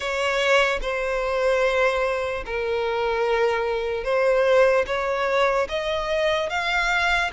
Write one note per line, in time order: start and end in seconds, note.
0.00 0.79 C#5
0.81 2.43 C5
2.45 4.04 A#4
4.04 4.85 C5
4.86 5.67 C#5
5.68 6.49 D#5
6.49 7.30 F5